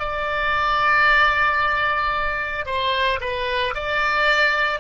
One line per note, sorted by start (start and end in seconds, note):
0.00 2.66 D5
2.66 3.20 C5
3.21 3.75 B4
3.75 4.80 D5